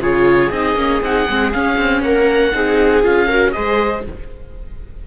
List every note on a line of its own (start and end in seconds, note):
0.00 0.50 C#3
0.00 0.52 F4
0.00 2.04 G#4
0.00 0.52 C#5
0.51 0.76 C4
0.51 0.77 D#4
0.51 1.02 D#5
0.76 1.01 A#3
0.76 1.02 C#4
1.02 1.27 C4
1.02 1.29 D#4
1.02 1.53 F#5
1.30 1.55 G#3
1.30 1.53 C4
1.53 2.53 C#4
1.53 1.78 C#4
1.53 2.03 F5
1.78 2.03 C4
2.03 2.53 A#3
2.03 2.55 A#4
2.03 3.04 F#5
2.53 3.05 C4
2.53 3.03 D#4
2.53 3.28 G#4
3.03 3.56 C#4
3.03 3.28 F4
3.03 3.52 F5
3.28 3.54 F#4
3.28 3.53 A#4
3.52 4.07 G#3
3.52 4.04 G#4
3.52 4.07 C5
3.52 4.03 D#5